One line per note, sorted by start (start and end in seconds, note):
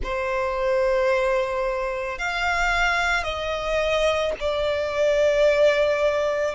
0.03 2.18 C5
2.18 3.23 F5
3.23 4.32 D#5
4.39 6.55 D5